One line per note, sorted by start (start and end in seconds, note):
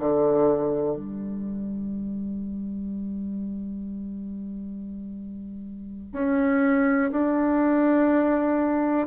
0.00 0.97 D3
0.97 6.13 G3
6.13 7.11 C#4
7.12 9.08 D4